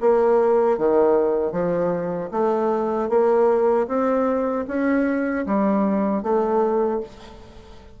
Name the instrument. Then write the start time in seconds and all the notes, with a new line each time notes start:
bassoon
0.00 A#3
0.78 D#3
1.52 F3
2.31 A3
3.09 A#3
3.87 C4
4.67 C#4
5.45 G3
6.22 A3